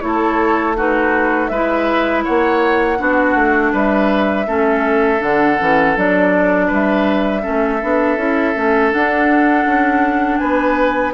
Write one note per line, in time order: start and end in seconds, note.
0.00 1.50 A3
0.00 0.75 E4
0.00 0.77 A4
0.00 0.74 C#5
0.77 1.51 D#4
0.77 1.51 F#4
0.77 1.48 B4
1.48 2.25 G#3
1.48 2.24 B4
1.48 2.22 E5
1.54 2.98 E4
2.24 3.00 A#3
2.24 2.98 C#5
2.24 3.74 F#5
2.98 3.35 B3
2.98 4.46 D4
2.98 3.73 F#4
3.35 3.72 A3
3.73 4.47 G3
3.73 4.47 B4
3.73 5.23 E5
4.47 5.21 A3
4.47 5.18 C#4
4.47 6.67 A4
5.18 5.59 D3
5.18 5.55 D4
5.18 5.97 F#5
5.59 5.96 E3
5.59 5.96 C#4
5.96 6.70 F#3
5.96 7.42 D4
5.96 6.71 D5
6.67 7.44 G3
6.67 7.42 B4
6.67 8.92 E5
7.42 7.83 A3
7.42 7.79 C#4
7.42 10.39 A4
7.82 8.17 B3
7.82 8.18 D4
8.17 8.54 C#4
8.17 8.55 E4
8.55 8.93 A3
8.55 8.91 C#4
8.91 11.13 D4
8.91 9.66 D4
8.91 10.38 F#5
9.66 10.40 C#4
10.38 11.14 B3
10.38 11.14 B4
10.38 11.12 G#5